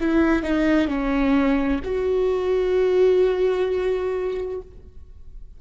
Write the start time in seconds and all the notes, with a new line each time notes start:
0.00 E4
0.42 D#4
0.88 C#4
1.84 F#4